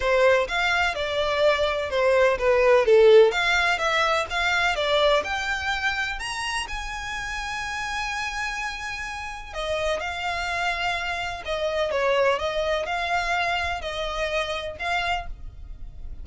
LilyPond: \new Staff \with { instrumentName = "violin" } { \time 4/4 \tempo 4 = 126 c''4 f''4 d''2 | c''4 b'4 a'4 f''4 | e''4 f''4 d''4 g''4~ | g''4 ais''4 gis''2~ |
gis''1 | dis''4 f''2. | dis''4 cis''4 dis''4 f''4~ | f''4 dis''2 f''4 | }